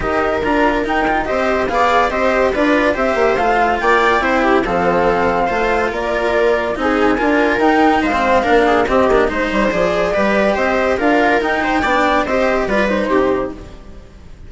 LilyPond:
<<
  \new Staff \with { instrumentName = "flute" } { \time 4/4 \tempo 4 = 142 dis''4 ais''4 g''4 dis''4 | f''4 dis''4 d''4 e''4 | f''4 g''2 f''4~ | f''2 d''2 |
gis''2 g''4 f''4~ | f''4 dis''4 c''4 d''4~ | d''4 dis''4 f''4 g''4~ | g''4 dis''4 d''8 c''4. | }
  \new Staff \with { instrumentName = "viola" } { \time 4/4 ais'2. c''4 | d''4 c''4 b'4 c''4~ | c''4 d''4 c''8 g'8 a'4~ | a'4 c''4 ais'2 |
gis'4 ais'2 c''4 | ais'8 gis'8 g'4 c''2 | b'4 c''4 ais'4. c''8 | d''4 c''4 b'4 g'4 | }
  \new Staff \with { instrumentName = "cello" } { \time 4/4 g'4 f'4 dis'8 f'8 g'4 | gis'4 g'4 f'4 g'4 | f'2 e'4 c'4~ | c'4 f'2. |
dis'4 f'4 dis'4~ dis'16 c'8. | d'4 c'8 d'8 dis'4 gis'4 | g'2 f'4 dis'4 | d'4 g'4 f'8 dis'4. | }
  \new Staff \with { instrumentName = "bassoon" } { \time 4/4 dis'4 d'4 dis'4 c'4 | b4 c'4 d'4 c'8 ais8 | a4 ais4 c'4 f4~ | f4 a4 ais2 |
c'4 d'4 dis'4 gis4 | ais4 c'8 ais8 gis8 g8 f4 | g4 c'4 d'4 dis'4 | b4 c'4 g4 c4 | }
>>